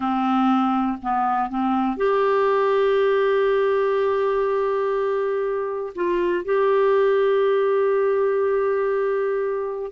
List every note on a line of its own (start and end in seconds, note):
0.00 0.97 C4
1.02 1.49 B3
1.49 1.96 C4
1.96 5.93 G4
5.95 6.44 F4
6.44 9.91 G4